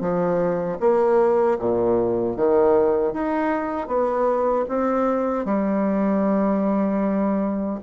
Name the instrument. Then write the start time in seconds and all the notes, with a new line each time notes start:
bassoon
0.00 F3
0.80 A#3
1.58 A#2
2.36 D#3
3.13 D#4
3.87 B3
4.68 C4
5.45 G3